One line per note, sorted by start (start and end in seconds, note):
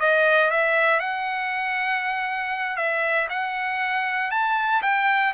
0.00 0.51 D#5
0.51 1.00 E5
1.00 2.77 F#5
2.77 3.28 E5
3.30 4.31 F#5
4.31 4.82 A5
4.83 5.33 G5